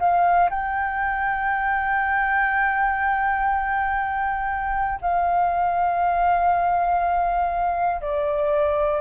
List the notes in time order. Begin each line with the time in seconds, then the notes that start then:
0.00 F5
0.50 G5
5.01 F5
8.01 D5